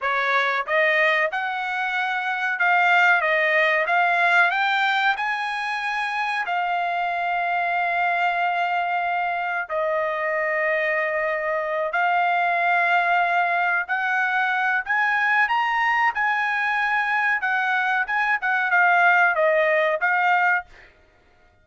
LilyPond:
\new Staff \with { instrumentName = "trumpet" } { \time 4/4 \tempo 4 = 93 cis''4 dis''4 fis''2 | f''4 dis''4 f''4 g''4 | gis''2 f''2~ | f''2. dis''4~ |
dis''2~ dis''8 f''4.~ | f''4. fis''4. gis''4 | ais''4 gis''2 fis''4 | gis''8 fis''8 f''4 dis''4 f''4 | }